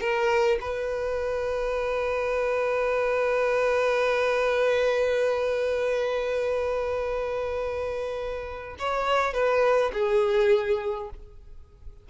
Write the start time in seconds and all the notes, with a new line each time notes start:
0.00 A#4
0.61 B4
8.78 C#5
9.33 B4
9.93 G#4